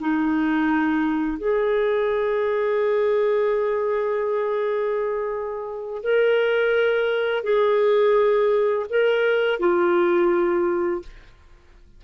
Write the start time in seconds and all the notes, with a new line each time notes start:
0.00 D#4
1.38 G#4
6.03 A#4
7.43 G#4
8.89 A#4
9.59 F4